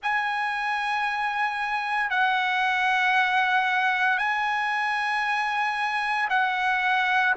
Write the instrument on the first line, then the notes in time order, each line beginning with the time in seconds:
trumpet
0.02 G#5
2.10 F#5
4.18 G#5
6.29 F#5